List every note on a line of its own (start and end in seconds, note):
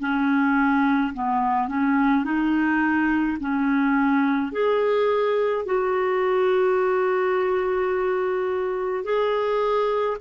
0.00 1.13 C#4
1.14 1.68 B3
1.68 2.24 C#4
2.24 3.38 D#4
3.40 4.52 C#4
4.52 5.66 G#4
5.66 9.04 F#4
9.04 10.17 G#4